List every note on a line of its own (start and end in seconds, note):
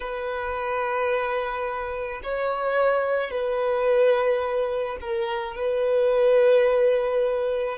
0.00 2.21 B4
2.23 3.30 C#5
3.30 4.97 B4
5.00 5.56 A#4
5.56 7.78 B4